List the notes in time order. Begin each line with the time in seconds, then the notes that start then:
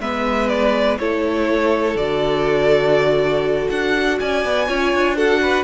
0.00 G#3 B3 B4 E5
0.48 D5
0.98 A3 E4 A4 C#5
1.95 D3 F#4 D5
3.70 D4 F#5
4.20 C#4 D5 G#5
4.44 B3
4.68 C#4 F4 C#5
4.93 D4
5.16 F#4 A4 F#5
5.41 B4